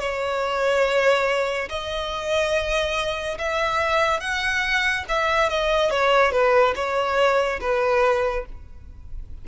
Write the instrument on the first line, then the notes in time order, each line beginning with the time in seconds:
violin
0.00 C#5
1.69 D#5
3.38 E5
4.20 F#5
5.09 E5
5.50 D#5
5.90 C#5
6.32 B4
6.76 C#5
7.61 B4